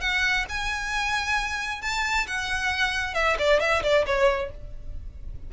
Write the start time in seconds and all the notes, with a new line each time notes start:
0.00 F#5
0.49 G#5
1.81 A5
2.27 F#5
3.14 E5
3.38 D5
3.60 E5
3.82 D5
4.06 C#5